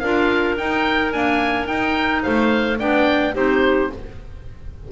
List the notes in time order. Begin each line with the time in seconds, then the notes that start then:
0.00 D4 F4 A#4 F5
0.58 D#4 G5
1.12 A#3 D4 G#5
1.66 D#4 G5
2.23 A3 C5 F5
2.79 B3 D4 D5 G5
3.34 C4 D#4 G4 C5